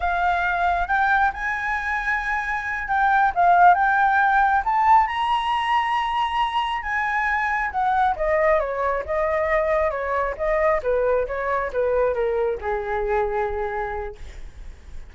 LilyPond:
\new Staff \with { instrumentName = "flute" } { \time 4/4 \tempo 4 = 136 f''2 g''4 gis''4~ | gis''2~ gis''8 g''4 f''8~ | f''8 g''2 a''4 ais''8~ | ais''2.~ ais''8 gis''8~ |
gis''4. fis''4 dis''4 cis''8~ | cis''8 dis''2 cis''4 dis''8~ | dis''8 b'4 cis''4 b'4 ais'8~ | ais'8 gis'2.~ gis'8 | }